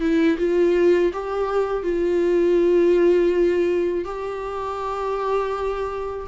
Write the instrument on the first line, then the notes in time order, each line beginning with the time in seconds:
viola
0.00 E4
0.38 F4
1.13 G4
1.83 F4
4.05 G4